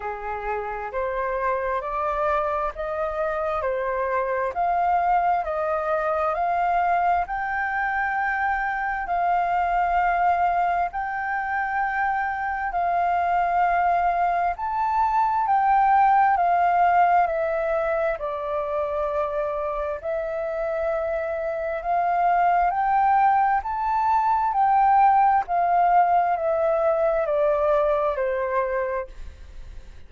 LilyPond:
\new Staff \with { instrumentName = "flute" } { \time 4/4 \tempo 4 = 66 gis'4 c''4 d''4 dis''4 | c''4 f''4 dis''4 f''4 | g''2 f''2 | g''2 f''2 |
a''4 g''4 f''4 e''4 | d''2 e''2 | f''4 g''4 a''4 g''4 | f''4 e''4 d''4 c''4 | }